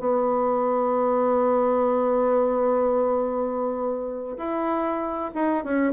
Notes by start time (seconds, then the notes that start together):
0.00 B3
4.38 E4
5.35 D#4
5.64 C#4